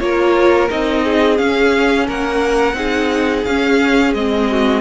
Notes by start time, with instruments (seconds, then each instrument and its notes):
0.00 cello A#3, viola F4, violin A#4 C#5
0.69 cello C4, viola D#4, violin D#5
1.04 violin G#4
1.37 viola C#4, cello C#4, violin F5
2.07 cello A#3, violin A#4 F#5
2.74 cello C4, viola D#4, violin G#4
3.45 cello C#4, viola C#4, violin F5
4.15 cello G#3, viola C4, violin D#5
4.51 violin F#4